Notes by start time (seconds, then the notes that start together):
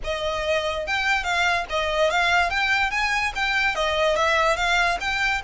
0.04 D#5
0.86 G5
1.23 F5
1.69 D#5
2.10 F5
2.50 G5
2.91 G#5
3.35 G5
3.75 D#5
4.16 E5
4.56 F5
5.00 G5